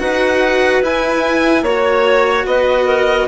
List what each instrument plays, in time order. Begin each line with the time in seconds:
0.00 bassoon D#4, cello F#4, clarinet B4, violin F#5
0.83 cello E4, bassoon E4, violin G#5
1.63 bassoon A#3, cello F#4, clarinet C#5, violin C#5
2.46 bassoon B3, clarinet B4, violin D#5
2.86 clarinet A#4